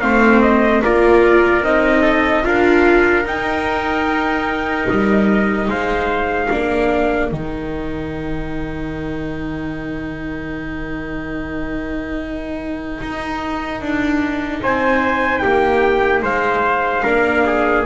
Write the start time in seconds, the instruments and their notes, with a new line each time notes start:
0.00 double bass A3, viola C4, trumpet C5 F5
0.41 trumpet D#5
0.83 double bass A#3, viola F4, trumpet A#4 D5
1.62 double bass C4, viola D#4, trumpet D#5
2.02 trumpet A4
2.43 double bass D4, viola F4, trumpet A#4 F5
3.24 double bass D#4, viola D#4, trumpet G5
4.89 double bass G3, trumpet D#5
5.68 double bass G#3, trumpet C5 F5
6.47 double bass A#3, viola D4, trumpet A#4
7.29 double bass D#3, viola D#4, trumpet G5
13.01 double bass D#4
13.81 double bass D4
14.62 double bass C4, trumpet C5 G#5
15.38 trumpet G4 G5
15.44 double bass A#3
16.22 double bass G#3, trumpet C5 F5
17.03 double bass A#3, viola D4, trumpet A#4
17.45 trumpet G#4